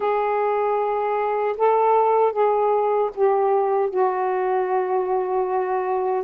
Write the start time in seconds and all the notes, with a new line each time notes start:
0.00 G#4
1.57 A4
2.32 G#4
3.15 G4
3.90 F#4